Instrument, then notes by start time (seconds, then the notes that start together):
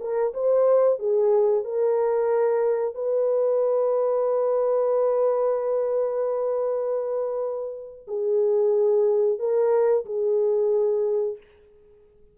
horn
0.00 A#4
0.34 C5
0.99 G#4
1.64 A#4
2.94 B4
8.07 G#4
9.39 A#4
10.05 G#4